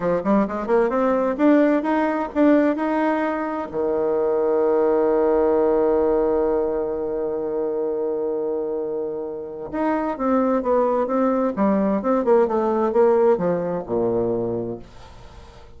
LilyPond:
\new Staff \with { instrumentName = "bassoon" } { \time 4/4 \tempo 4 = 130 f8 g8 gis8 ais8 c'4 d'4 | dis'4 d'4 dis'2 | dis1~ | dis1~ |
dis1~ | dis4 dis'4 c'4 b4 | c'4 g4 c'8 ais8 a4 | ais4 f4 ais,2 | }